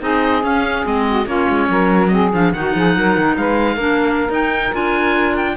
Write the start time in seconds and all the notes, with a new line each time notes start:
0.00 C4 D#4 G#4 D#5
0.42 C#4 F5
0.83 G#3 C4 D#5
1.08 F#4
1.26 A#3 C#4 F4 C#5
1.49 G#3
1.69 F#3 A#4
2.08 C4 G#4 D#5
2.33 F3 D4 F5
2.53 D#3 D#4 F#4 F#5
2.75 F3 G#4
2.97 F#3 A#4
3.17 D#3
3.37 G#3 B4 F5
3.75 A#3 D4 A#4
4.29 D#4 G5
4.73 D4 F4 G#5
5.37 G5